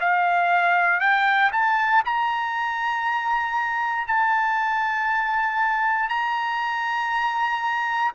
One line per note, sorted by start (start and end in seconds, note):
0.00 1.00 F5
1.00 1.51 G5
1.52 2.03 A5
2.05 4.07 A#5
4.07 6.09 A5
6.09 8.12 A#5